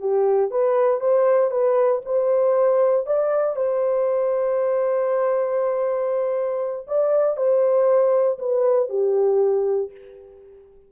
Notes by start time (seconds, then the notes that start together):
0.00 G4
0.51 B4
1.01 C5
1.51 B4
2.05 C5
3.06 D5
3.56 C5
6.88 D5
7.37 C5
8.39 B4
8.90 G4